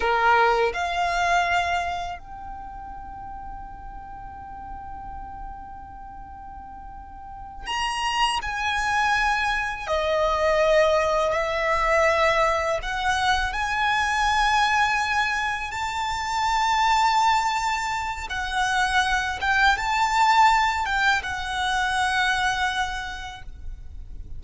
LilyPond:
\new Staff \with { instrumentName = "violin" } { \time 4/4 \tempo 4 = 82 ais'4 f''2 g''4~ | g''1~ | g''2~ g''8 ais''4 gis''8~ | gis''4. dis''2 e''8~ |
e''4. fis''4 gis''4.~ | gis''4. a''2~ a''8~ | a''4 fis''4. g''8 a''4~ | a''8 g''8 fis''2. | }